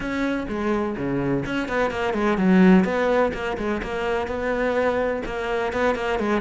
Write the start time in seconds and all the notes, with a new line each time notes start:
0.00 C#4
0.48 G#3
0.97 C#3
1.45 C#4
1.68 B3
1.90 A#3
2.13 G#3
2.37 F#3
2.84 B3
3.33 A#3
3.57 G#3
3.82 A#3
4.27 B3
5.25 A#3
5.72 B3
5.95 A#3
6.19 G#3